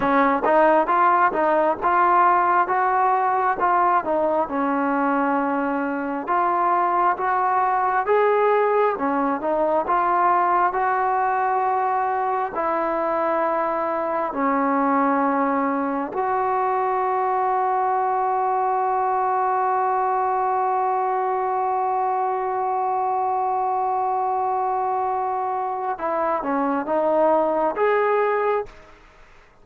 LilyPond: \new Staff \with { instrumentName = "trombone" } { \time 4/4 \tempo 4 = 67 cis'8 dis'8 f'8 dis'8 f'4 fis'4 | f'8 dis'8 cis'2 f'4 | fis'4 gis'4 cis'8 dis'8 f'4 | fis'2 e'2 |
cis'2 fis'2~ | fis'1~ | fis'1~ | fis'4 e'8 cis'8 dis'4 gis'4 | }